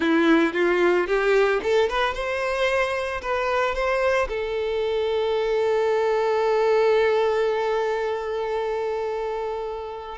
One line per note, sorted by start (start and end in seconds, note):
0.00 0.53 E4
0.53 1.07 F4
1.07 1.60 G4
1.62 1.89 A4
1.89 2.14 B4
2.14 3.21 C5
3.21 3.74 B4
3.74 4.28 C5
4.28 10.17 A4